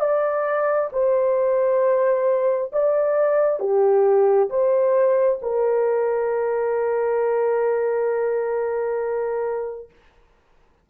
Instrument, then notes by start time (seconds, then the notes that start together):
horn
0.00 D5
0.92 C5
2.72 D5
3.59 G4
4.49 C5
5.42 A#4